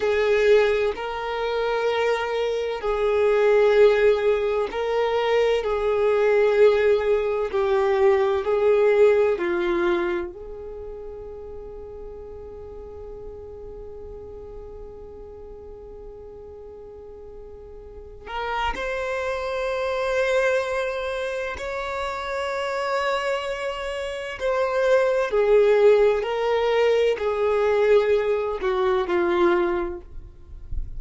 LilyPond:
\new Staff \with { instrumentName = "violin" } { \time 4/4 \tempo 4 = 64 gis'4 ais'2 gis'4~ | gis'4 ais'4 gis'2 | g'4 gis'4 f'4 gis'4~ | gis'1~ |
gis'2.~ gis'8 ais'8 | c''2. cis''4~ | cis''2 c''4 gis'4 | ais'4 gis'4. fis'8 f'4 | }